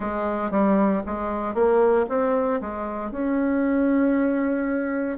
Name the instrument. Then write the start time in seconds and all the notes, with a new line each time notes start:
bassoon
0.00 G#3
0.50 G3
1.06 G#3
1.54 A#3
2.08 C4
2.61 G#3
3.11 C#4